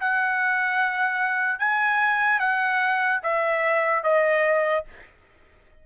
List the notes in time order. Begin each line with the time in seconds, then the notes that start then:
0.00 F#5
1.59 G#5
2.40 F#5
3.23 E5
4.04 D#5